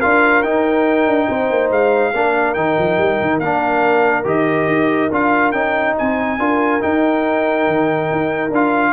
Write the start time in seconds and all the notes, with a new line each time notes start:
0.00 D4 F4 A#4 F5
0.43 D#4 G5
1.07 D4
1.29 C4 C5
1.50 A#3
1.71 G#3 F5
2.14 A#3 D4 A#4
2.54 D#3 D#4 G5
2.79 F3
2.98 G3
3.21 D#3
3.40 A#3 D4 F5
4.24 D#3 G4 D#5
4.68 D#4
5.12 D4 F4 F5
5.52 C#4 D#4 G5
5.98 C4 C5 G#5
6.39 D4 F4 A#4
6.81 D#4 G5
7.68 D#3
8.12 D#4
8.51 D4 F4 F5